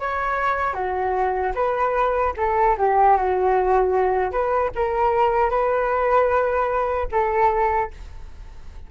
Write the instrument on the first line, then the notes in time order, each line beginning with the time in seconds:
flute
0.00 C#5
0.74 F#4
1.55 B4
2.37 A4
2.78 G4
3.18 F#4
4.32 B4
4.75 A#4
5.50 B4
7.12 A4